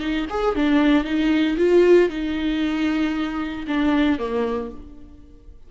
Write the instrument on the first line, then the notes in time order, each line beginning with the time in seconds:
viola
0.00 D#4
0.30 G#4
0.55 D4
1.04 D#4
1.57 F4
2.09 D#4
3.68 D4
4.19 A#3